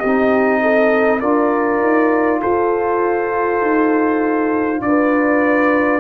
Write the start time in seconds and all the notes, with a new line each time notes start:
0.00 C4 D#4 G4 D#5
0.62 A4
1.20 D4 F4 A#4 D5
1.80 D#4
2.41 F4 A4 C5
3.62 D#4
4.82 D4 B4 D5